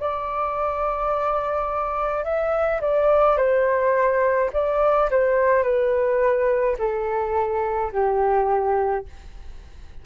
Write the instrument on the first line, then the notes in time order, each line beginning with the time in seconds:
flute
0.00 D5
2.24 E5
2.81 D5
3.37 C5
4.53 D5
5.10 C5
5.63 B4
6.79 A4
7.92 G4